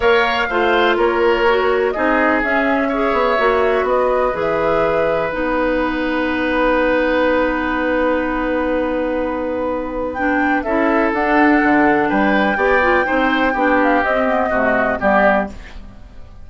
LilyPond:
<<
  \new Staff \with { instrumentName = "flute" } { \time 4/4 \tempo 4 = 124 f''2 cis''2 | dis''4 e''2. | dis''4 e''2 fis''4~ | fis''1~ |
fis''1~ | fis''4 g''4 e''4 fis''4~ | fis''4 g''2.~ | g''8 f''8 dis''2 d''4 | }
  \new Staff \with { instrumentName = "oboe" } { \time 4/4 cis''4 c''4 ais'2 | gis'2 cis''2 | b'1~ | b'1~ |
b'1~ | b'2 a'2~ | a'4 b'4 d''4 c''4 | g'2 fis'4 g'4 | }
  \new Staff \with { instrumentName = "clarinet" } { \time 4/4 ais'4 f'2 fis'4 | dis'4 cis'4 gis'4 fis'4~ | fis'4 gis'2 dis'4~ | dis'1~ |
dis'1~ | dis'4 d'4 e'4 d'4~ | d'2 g'8 f'8 dis'4 | d'4 c'8 b8 a4 b4 | }
  \new Staff \with { instrumentName = "bassoon" } { \time 4/4 ais4 a4 ais2 | c'4 cis'4. b8 ais4 | b4 e2 b4~ | b1~ |
b1~ | b2 cis'4 d'4 | d4 g4 b4 c'4 | b4 c'4 c4 g4 | }
>>